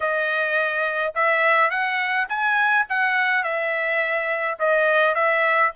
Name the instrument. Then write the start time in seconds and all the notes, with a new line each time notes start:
trumpet
0.00 D#5
1.15 E5
1.70 F#5
2.29 G#5
2.89 F#5
3.43 E5
4.59 D#5
5.14 E5